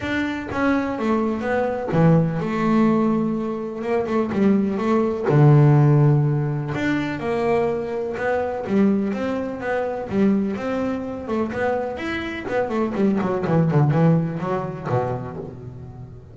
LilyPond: \new Staff \with { instrumentName = "double bass" } { \time 4/4 \tempo 4 = 125 d'4 cis'4 a4 b4 | e4 a2. | ais8 a8 g4 a4 d4~ | d2 d'4 ais4~ |
ais4 b4 g4 c'4 | b4 g4 c'4. a8 | b4 e'4 b8 a8 g8 fis8 | e8 d8 e4 fis4 b,4 | }